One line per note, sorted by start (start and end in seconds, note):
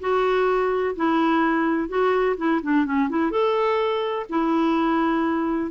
0.00 0.95 F#4
0.96 1.89 E4
1.89 2.36 F#4
2.37 2.61 E4
2.62 2.85 D4
2.85 3.09 C#4
3.09 3.31 E4
3.31 4.26 A4
4.29 5.71 E4